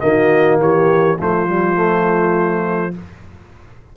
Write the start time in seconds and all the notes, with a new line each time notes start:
0.00 D#3 A#3 F#4 D#5
0.60 E3 G4 C#5
1.18 F3 A3 F4 C5
1.47 G3
1.75 A3